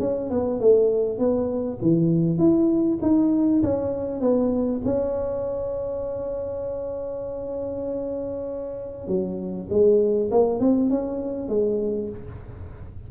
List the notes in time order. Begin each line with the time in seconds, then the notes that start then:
0.00 C#4
0.30 B3
0.60 A3
1.19 B3
1.82 E3
2.38 E4
3.02 D#4
3.63 C#4
4.21 B3
4.85 C#4
9.08 F#3
9.70 G#3
10.31 A#3
10.60 C4
10.90 C#4
11.49 G#3